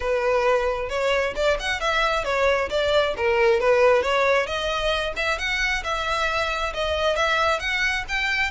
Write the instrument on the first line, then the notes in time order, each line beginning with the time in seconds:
violin
0.00 B4
0.89 C#5
1.35 D5
1.59 F#5
1.80 E5
2.24 C#5
2.69 D5
3.16 A#4
3.60 B4
4.02 C#5
4.46 D#5
5.16 E5
5.38 F#5
5.83 E5
6.74 D#5
7.16 E5
7.59 F#5
8.08 G5